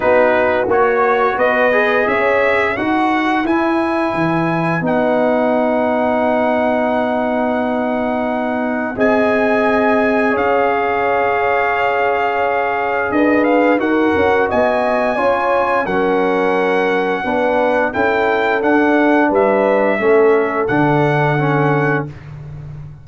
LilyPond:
<<
  \new Staff \with { instrumentName = "trumpet" } { \time 4/4 \tempo 4 = 87 b'4 cis''4 dis''4 e''4 | fis''4 gis''2 fis''4~ | fis''1~ | fis''4 gis''2 f''4~ |
f''2. dis''8 f''8 | fis''4 gis''2 fis''4~ | fis''2 g''4 fis''4 | e''2 fis''2 | }
  \new Staff \with { instrumentName = "horn" } { \time 4/4 fis'2 b'4 cis''4 | b'1~ | b'1~ | b'4 dis''2 cis''4~ |
cis''2. b'4 | ais'4 dis''4 cis''4 ais'4~ | ais'4 b'4 a'2 | b'4 a'2. | }
  \new Staff \with { instrumentName = "trombone" } { \time 4/4 dis'4 fis'4. gis'4. | fis'4 e'2 dis'4~ | dis'1~ | dis'4 gis'2.~ |
gis'1 | fis'2 f'4 cis'4~ | cis'4 d'4 e'4 d'4~ | d'4 cis'4 d'4 cis'4 | }
  \new Staff \with { instrumentName = "tuba" } { \time 4/4 b4 ais4 b4 cis'4 | dis'4 e'4 e4 b4~ | b1~ | b4 c'2 cis'4~ |
cis'2. d'4 | dis'8 cis'8 b4 cis'4 fis4~ | fis4 b4 cis'4 d'4 | g4 a4 d2 | }
>>